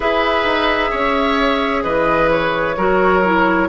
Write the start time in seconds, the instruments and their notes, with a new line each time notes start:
0.00 bassoon E4, clarinet G#4, oboe B4, flute E5
0.44 bassoon D#4
0.90 bassoon C#4, oboe C#5
1.83 bassoon E3, oboe B4, flute D#5
2.31 flute C#5
2.77 bassoon F#3, clarinet F#4, oboe A#4
3.24 clarinet E4